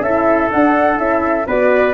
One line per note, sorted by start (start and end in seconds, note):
0.00 0.48 C#4
0.00 0.50 E4
0.00 1.47 A4
0.00 0.50 E5
0.50 0.96 D4
0.50 0.98 D4
0.50 0.98 F#5
0.96 1.46 C#4
0.96 1.44 E4
0.96 1.47 E5
1.47 1.94 B3
1.47 1.94 F#4
1.47 1.94 B4
1.47 1.94 D5